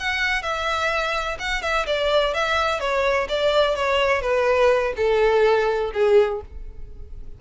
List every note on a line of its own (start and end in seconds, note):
0.00 0.43 F#5
0.43 1.38 E5
1.39 1.62 F#5
1.62 1.86 E5
1.87 2.34 D5
2.34 2.80 E5
2.80 3.28 C#5
3.29 3.76 D5
3.76 4.22 C#5
4.22 4.93 B4
4.97 5.92 A4
5.94 6.42 G#4